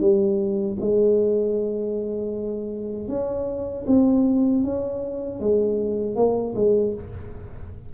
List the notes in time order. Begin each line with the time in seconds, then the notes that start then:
0.00 G3
0.81 G#3
3.08 C#4
3.87 C4
4.64 C#4
5.40 G#3
6.16 A#3
6.56 G#3